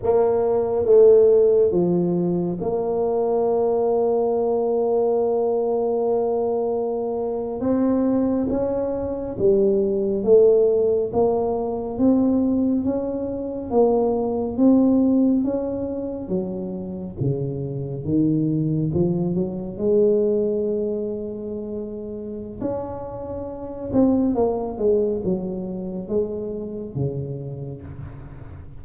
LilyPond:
\new Staff \with { instrumentName = "tuba" } { \time 4/4 \tempo 4 = 69 ais4 a4 f4 ais4~ | ais1~ | ais8. c'4 cis'4 g4 a16~ | a8. ais4 c'4 cis'4 ais16~ |
ais8. c'4 cis'4 fis4 cis16~ | cis8. dis4 f8 fis8 gis4~ gis16~ | gis2 cis'4. c'8 | ais8 gis8 fis4 gis4 cis4 | }